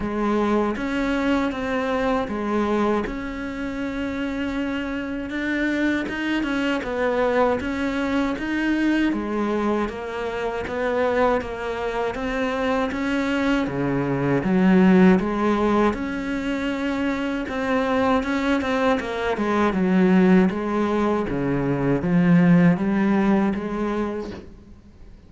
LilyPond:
\new Staff \with { instrumentName = "cello" } { \time 4/4 \tempo 4 = 79 gis4 cis'4 c'4 gis4 | cis'2. d'4 | dis'8 cis'8 b4 cis'4 dis'4 | gis4 ais4 b4 ais4 |
c'4 cis'4 cis4 fis4 | gis4 cis'2 c'4 | cis'8 c'8 ais8 gis8 fis4 gis4 | cis4 f4 g4 gis4 | }